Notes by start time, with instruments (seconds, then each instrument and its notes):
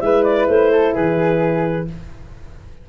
0.00 tuba G#3, horn E4, flute B4, clarinet E5
0.24 clarinet D5
0.48 tuba A3, clarinet C5
0.71 flute A4
0.95 tuba E3, flute G#4, clarinet B4